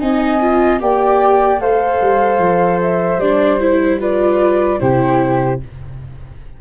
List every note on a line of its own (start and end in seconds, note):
0.00 0.81 C4
0.00 0.40 D#4
0.00 0.82 D#5
0.00 0.80 G#5
0.42 0.80 F4
0.80 1.60 A#3
0.80 1.60 G4
0.80 1.62 D5
0.80 1.61 G5
1.60 2.00 A3
1.60 3.21 A4
1.60 4.00 C5
1.60 2.81 F5
2.02 2.39 G3
2.39 3.18 F3
2.82 3.20 E5
3.18 4.78 G3
3.18 3.60 D4
3.18 3.60 D5
3.60 4.00 E4
3.60 4.00 C5
4.00 4.80 F4
4.00 4.80 B4
4.00 4.81 D5
4.80 5.62 C3
4.80 5.60 E4
4.80 5.61 G4
4.80 5.61 C5